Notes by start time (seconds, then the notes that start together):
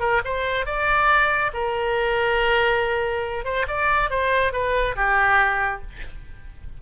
0.00 A#4
0.25 C5
0.66 D5
1.53 A#4
3.45 C5
3.68 D5
4.10 C5
4.53 B4
4.96 G4